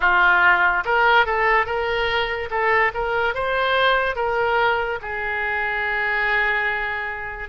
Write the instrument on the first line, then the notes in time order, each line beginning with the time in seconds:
oboe
0.00 F4
0.84 A#4
1.25 A4
1.66 A#4
2.50 A4
2.94 A#4
3.34 C5
4.15 A#4
5.01 G#4